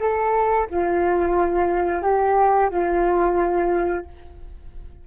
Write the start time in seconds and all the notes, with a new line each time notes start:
0.00 A4
0.70 F4
2.03 G4
2.70 F4